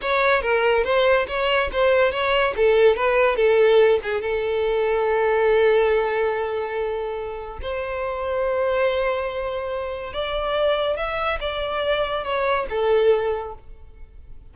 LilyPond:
\new Staff \with { instrumentName = "violin" } { \time 4/4 \tempo 4 = 142 cis''4 ais'4 c''4 cis''4 | c''4 cis''4 a'4 b'4 | a'4. gis'8 a'2~ | a'1~ |
a'2 c''2~ | c''1 | d''2 e''4 d''4~ | d''4 cis''4 a'2 | }